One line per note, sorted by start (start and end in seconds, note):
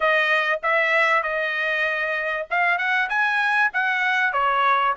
0.00 0.60 D#5
0.62 1.23 E5
1.23 2.46 D#5
2.50 2.78 F5
2.78 3.08 F#5
3.09 3.71 G#5
3.73 4.32 F#5
4.32 4.94 C#5